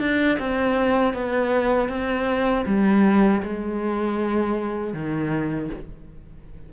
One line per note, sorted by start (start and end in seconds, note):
0.00 0.38 D4
0.39 1.14 C4
1.14 1.89 B3
1.89 2.65 C4
2.66 3.42 G3
3.43 4.93 G#3
4.93 5.69 D#3